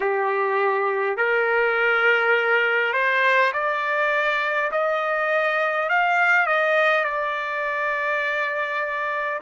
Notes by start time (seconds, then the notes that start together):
0.00 G4
1.17 A#4
2.93 C5
3.53 D5
4.71 D#5
5.89 F5
6.46 D#5
7.04 D5